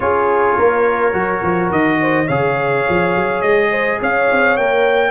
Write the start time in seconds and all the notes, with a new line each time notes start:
0.00 C#4 F4 G#4 C#5
0.57 A#3 A#4
1.12 F#3 F#4
1.42 F3
1.70 D#3 D#5
2.00 C5
2.26 C#3 G#4 C#5 F5
2.88 F3
3.16 F#3
3.41 G#3 D#5
3.71 C5
4.00 C#4 C#5 F5
4.30 C4
4.57 A#3 A#4 G5